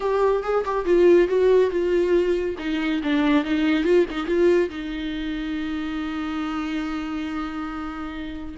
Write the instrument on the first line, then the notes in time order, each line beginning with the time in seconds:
viola
0.00 G4
0.43 G#4
0.64 G4
0.85 F4
1.27 F#4
1.70 F4
2.58 D#4
3.03 D4
3.44 D#4
3.84 F4
4.10 D#4
4.26 F4
4.69 D#4